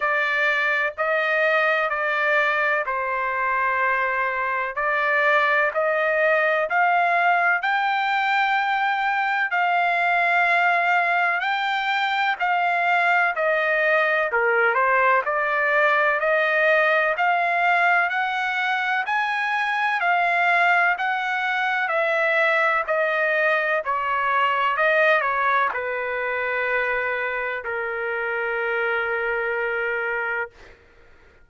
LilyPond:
\new Staff \with { instrumentName = "trumpet" } { \time 4/4 \tempo 4 = 63 d''4 dis''4 d''4 c''4~ | c''4 d''4 dis''4 f''4 | g''2 f''2 | g''4 f''4 dis''4 ais'8 c''8 |
d''4 dis''4 f''4 fis''4 | gis''4 f''4 fis''4 e''4 | dis''4 cis''4 dis''8 cis''8 b'4~ | b'4 ais'2. | }